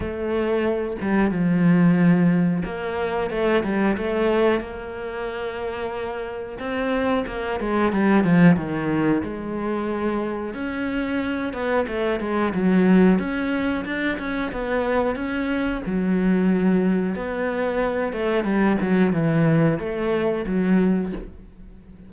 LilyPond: \new Staff \with { instrumentName = "cello" } { \time 4/4 \tempo 4 = 91 a4. g8 f2 | ais4 a8 g8 a4 ais4~ | ais2 c'4 ais8 gis8 | g8 f8 dis4 gis2 |
cis'4. b8 a8 gis8 fis4 | cis'4 d'8 cis'8 b4 cis'4 | fis2 b4. a8 | g8 fis8 e4 a4 fis4 | }